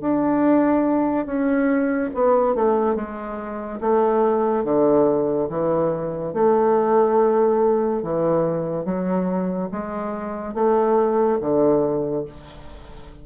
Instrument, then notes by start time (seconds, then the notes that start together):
bassoon
0.00 D4
1.26 C#4
2.14 B3
2.55 A3
2.95 G#3
3.80 A3
4.64 D3
5.49 E3
6.33 A3
8.02 E3
8.85 F#3
9.71 G#3
10.54 A3
11.40 D3